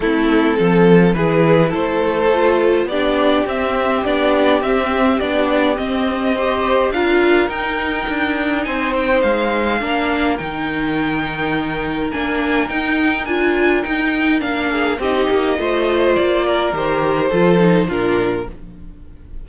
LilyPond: <<
  \new Staff \with { instrumentName = "violin" } { \time 4/4 \tempo 4 = 104 a'2 b'4 c''4~ | c''4 d''4 e''4 d''4 | e''4 d''4 dis''2 | f''4 g''2 gis''8 g''8 |
f''2 g''2~ | g''4 gis''4 g''4 gis''4 | g''4 f''4 dis''2 | d''4 c''2 ais'4 | }
  \new Staff \with { instrumentName = "violin" } { \time 4/4 e'4 a'4 gis'4 a'4~ | a'4 g'2.~ | g'2. c''4 | ais'2. c''4~ |
c''4 ais'2.~ | ais'1~ | ais'4. gis'8 g'4 c''4~ | c''8 ais'4. a'4 f'4 | }
  \new Staff \with { instrumentName = "viola" } { \time 4/4 c'2 e'2 | f'4 d'4 c'4 d'4 | c'4 d'4 c'4 g'4 | f'4 dis'2.~ |
dis'4 d'4 dis'2~ | dis'4 d'4 dis'4 f'4 | dis'4 d'4 dis'4 f'4~ | f'4 g'4 f'8 dis'8 d'4 | }
  \new Staff \with { instrumentName = "cello" } { \time 4/4 a4 f4 e4 a4~ | a4 b4 c'4 b4 | c'4 b4 c'2 | d'4 dis'4 d'4 c'4 |
gis4 ais4 dis2~ | dis4 ais4 dis'4 d'4 | dis'4 ais4 c'8 ais8 a4 | ais4 dis4 f4 ais,4 | }
>>